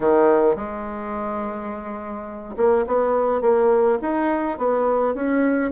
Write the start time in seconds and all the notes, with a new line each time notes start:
0.00 D#3
0.55 G#3
2.56 A#3
2.86 B3
3.41 A#3
4.01 D#4
4.57 B3
5.14 C#4